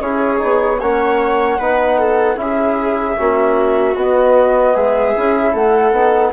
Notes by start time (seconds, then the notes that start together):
0.00 C#4 E4 G#4 C#5
0.38 B3 D#4
0.80 A#3 C#4 C#5 F#5
1.58 B3 D#4 B4
1.98 A4
2.36 C#4 E4 G#4 E5
3.16 A#3 C#4 F#4
3.95 B3 D#5
4.74 G#3 G#4 E5
5.16 C#4 E4
5.52 A3 A4 F#5
5.91 B3 D#4